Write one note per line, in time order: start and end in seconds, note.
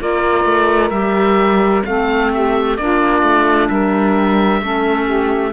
0.00 0.44 A#3
0.00 0.91 F4
0.00 1.86 A#4
0.00 0.90 D5
0.44 0.90 A3
0.90 1.82 G3
0.90 1.84 G4
0.90 1.82 E5
1.85 2.77 A3
1.85 2.78 C4
1.85 2.32 A4
1.85 2.31 F5
2.32 2.78 G4
2.32 2.77 E5
2.77 3.22 A#3
2.77 4.62 D4
2.77 3.70 F4
2.77 3.68 D5
3.22 3.68 A3
3.68 4.61 G3
3.68 4.61 A#4
3.68 5.52 E5
4.61 5.52 A3
4.61 5.52 C#4
4.61 5.05 A4
5.05 5.51 G4